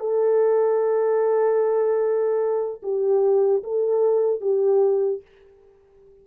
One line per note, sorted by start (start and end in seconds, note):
0.00 2.82 A4
2.83 3.63 G4
3.64 4.41 A4
4.41 5.22 G4